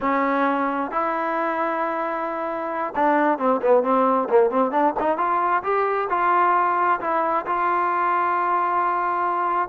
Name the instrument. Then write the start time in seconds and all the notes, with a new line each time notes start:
trombone
0.00 C#4
0.91 E4
2.95 D4
3.38 C4
3.61 B3
3.83 C4
4.29 A#3
4.50 C4
4.71 D4
4.99 D#4
5.17 F4
5.63 G4
6.09 F4
7.00 E4
7.46 F4